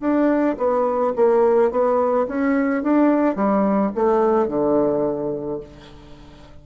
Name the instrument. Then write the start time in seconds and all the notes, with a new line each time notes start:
bassoon
0.00 D4
0.57 B3
1.16 A#3
1.71 B3
2.27 C#4
2.83 D4
3.35 G3
3.95 A3
4.48 D3